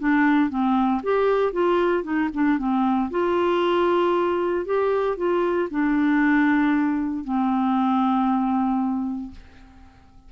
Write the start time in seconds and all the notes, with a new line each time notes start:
0.00 D4
0.50 C4
1.03 G4
1.53 F4
2.04 D#4
2.34 D4
2.59 C4
3.11 F4
4.66 G4
5.17 F4
5.71 D4
7.25 C4